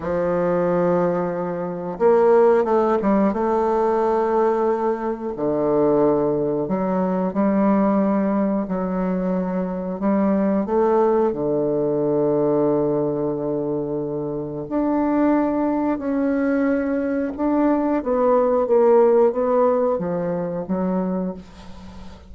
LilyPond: \new Staff \with { instrumentName = "bassoon" } { \time 4/4 \tempo 4 = 90 f2. ais4 | a8 g8 a2. | d2 fis4 g4~ | g4 fis2 g4 |
a4 d2.~ | d2 d'2 | cis'2 d'4 b4 | ais4 b4 f4 fis4 | }